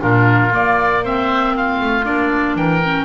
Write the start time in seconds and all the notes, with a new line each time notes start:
0.00 A#2 D4 F4 A#4
0.50 A#3 D5
1.04 C4 C5 E5
1.56 F4 F5
1.81 A3
2.04 A#3 D4 D5
2.56 E3 A#4 G5
2.84 C#4